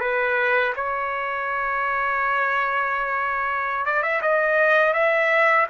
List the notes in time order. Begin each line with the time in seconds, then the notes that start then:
0.00 B4
0.76 C#5
3.86 D5
4.02 E5
4.22 D#5
4.93 E5